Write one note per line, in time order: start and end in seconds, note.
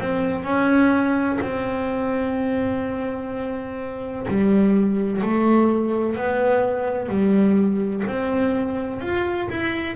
0.00 0.44 C4
0.44 1.39 C#4
1.41 4.27 C4
4.28 5.22 G3
5.22 6.16 A3
6.16 7.09 B3
7.09 8.04 G3
8.07 9.01 C4
9.01 9.49 F4
9.50 9.96 E4